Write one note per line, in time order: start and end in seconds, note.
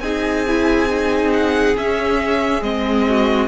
0.00 1.74 C4
0.00 0.46 D#4
0.00 3.06 G#4
0.00 1.31 G#5
0.47 0.89 E4
0.89 1.76 D#4
1.33 1.76 F#5
1.76 2.63 C#4
1.76 2.62 C#4
1.76 2.62 E5
2.62 3.48 G#3
2.62 3.48 C4
2.62 3.48 D#5
3.09 3.48 F#4